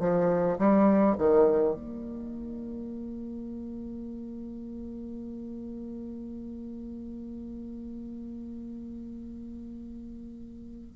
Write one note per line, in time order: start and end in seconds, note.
0.00 0.58 F3
0.59 1.16 G3
1.19 1.75 D#3
1.75 10.97 A#3